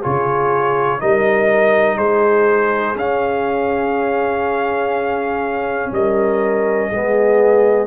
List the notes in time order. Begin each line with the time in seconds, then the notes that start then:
0.00 C#3 F4 G#4 C#5
0.99 G3 D#4 A#4 D#5
1.97 G#3 G#4 C5
2.95 C#4 F5
5.91 G3 A#4 D#5
6.89 G#3 B3 G#4